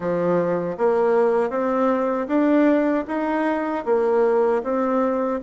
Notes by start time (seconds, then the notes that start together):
0.00 F3
0.77 A#3
1.50 C4
2.27 D4
3.07 D#4
3.85 A#3
4.63 C4